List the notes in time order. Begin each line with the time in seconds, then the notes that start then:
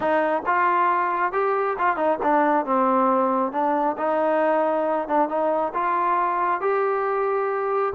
0.00 D#4
0.45 F4
1.32 G4
1.78 F4
1.96 D#4
2.22 D4
2.65 C4
3.52 D4
3.97 D#4
5.08 D4
5.28 D#4
5.74 F4
6.60 G4